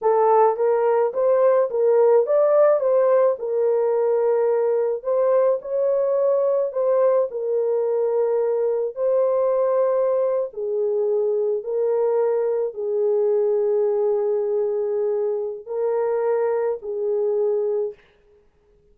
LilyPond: \new Staff \with { instrumentName = "horn" } { \time 4/4 \tempo 4 = 107 a'4 ais'4 c''4 ais'4 | d''4 c''4 ais'2~ | ais'4 c''4 cis''2 | c''4 ais'2. |
c''2~ c''8. gis'4~ gis'16~ | gis'8. ais'2 gis'4~ gis'16~ | gis'1 | ais'2 gis'2 | }